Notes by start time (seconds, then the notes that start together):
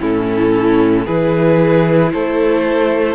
0.00 A2 C#4 E4 A4
1.05 E3 E4 G#4 B4
2.12 A3 A4 C5